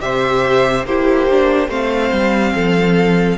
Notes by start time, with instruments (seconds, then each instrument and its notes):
0.00 cello C3, viola G4, violin C5 E5
0.85 cello A#3, viola E4, violin G4 C5
1.31 viola D4
1.68 cello A3, viola C4, violin C5 F5
2.12 cello G3
2.55 cello F3, violin A4